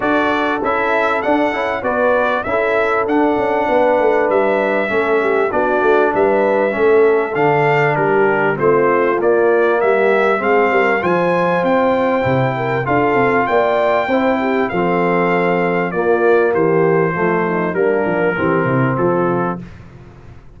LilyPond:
<<
  \new Staff \with { instrumentName = "trumpet" } { \time 4/4 \tempo 4 = 98 d''4 e''4 fis''4 d''4 | e''4 fis''2 e''4~ | e''4 d''4 e''2 | f''4 ais'4 c''4 d''4 |
e''4 f''4 gis''4 g''4~ | g''4 f''4 g''2 | f''2 d''4 c''4~ | c''4 ais'2 a'4 | }
  \new Staff \with { instrumentName = "horn" } { \time 4/4 a'2. b'4 | a'2 b'2 | a'8 g'8 fis'4 b'4 a'4~ | a'4 g'4 f'2 |
g'4 gis'8 ais'8 c''2~ | c''8 ais'8 a'4 d''4 c''8 g'8 | a'2 f'4 g'4 | f'8 dis'8 d'4 g'8 e'8 f'4 | }
  \new Staff \with { instrumentName = "trombone" } { \time 4/4 fis'4 e'4 d'8 e'8 fis'4 | e'4 d'2. | cis'4 d'2 cis'4 | d'2 c'4 ais4~ |
ais4 c'4 f'2 | e'4 f'2 e'4 | c'2 ais2 | a4 ais4 c'2 | }
  \new Staff \with { instrumentName = "tuba" } { \time 4/4 d'4 cis'4 d'8 cis'8 b4 | cis'4 d'8 cis'8 b8 a8 g4 | a4 b8 a8 g4 a4 | d4 g4 a4 ais4 |
g4 gis8 g8 f4 c'4 | c4 d'8 c'8 ais4 c'4 | f2 ais4 e4 | f4 g8 f8 e8 c8 f4 | }
>>